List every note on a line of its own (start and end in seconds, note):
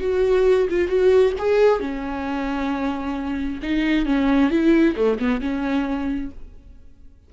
0.00 0.68 F#4
0.69 0.87 F4
0.87 1.32 F#4
1.38 1.80 G#4
1.80 3.60 C#4
3.62 4.05 D#4
4.05 4.50 C#4
4.50 4.95 E4
4.96 5.18 A3
5.19 5.40 B3
5.40 6.30 C#4